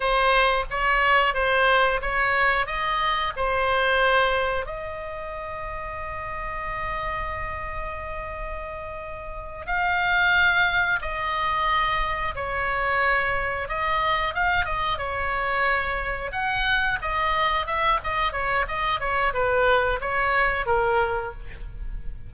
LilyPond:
\new Staff \with { instrumentName = "oboe" } { \time 4/4 \tempo 4 = 90 c''4 cis''4 c''4 cis''4 | dis''4 c''2 dis''4~ | dis''1~ | dis''2~ dis''8 f''4.~ |
f''8 dis''2 cis''4.~ | cis''8 dis''4 f''8 dis''8 cis''4.~ | cis''8 fis''4 dis''4 e''8 dis''8 cis''8 | dis''8 cis''8 b'4 cis''4 ais'4 | }